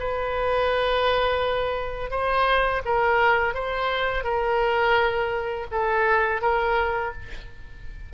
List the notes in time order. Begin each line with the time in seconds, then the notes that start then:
0.00 B4
2.11 C5
2.85 A#4
3.55 C5
4.24 A#4
5.72 A4
6.42 A#4